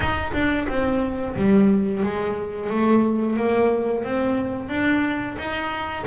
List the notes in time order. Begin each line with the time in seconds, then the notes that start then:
0.00 D#4
0.33 D4
0.68 C4
1.36 G3
2.03 G#3
2.70 A3
3.36 A#3
4.04 C4
4.69 D4
5.37 D#4